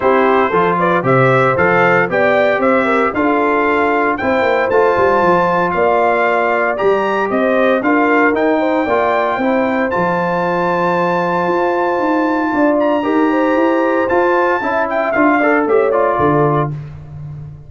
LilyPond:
<<
  \new Staff \with { instrumentName = "trumpet" } { \time 4/4 \tempo 4 = 115 c''4. d''8 e''4 f''4 | g''4 e''4 f''2 | g''4 a''2 f''4~ | f''4 ais''4 dis''4 f''4 |
g''2. a''4~ | a''1~ | a''8 ais''2~ ais''8 a''4~ | a''8 g''8 f''4 e''8 d''4. | }
  \new Staff \with { instrumentName = "horn" } { \time 4/4 g'4 a'8 b'8 c''2 | d''4 c''8 ais'8 a'2 | c''2. d''4~ | d''2 c''4 ais'4~ |
ais'8 c''8 d''4 c''2~ | c''1 | d''4 ais'8 c''2~ c''8 | e''4. d''8 cis''4 a'4 | }
  \new Staff \with { instrumentName = "trombone" } { \time 4/4 e'4 f'4 g'4 a'4 | g'2 f'2 | e'4 f'2.~ | f'4 g'2 f'4 |
dis'4 f'4 e'4 f'4~ | f'1~ | f'4 g'2 f'4 | e'4 f'8 a'8 g'8 f'4. | }
  \new Staff \with { instrumentName = "tuba" } { \time 4/4 c'4 f4 c4 f4 | b4 c'4 d'2 | c'8 ais8 a8 g8 f4 ais4~ | ais4 g4 c'4 d'4 |
dis'4 ais4 c'4 f4~ | f2 f'4 dis'4 | d'4 dis'4 e'4 f'4 | cis'4 d'4 a4 d4 | }
>>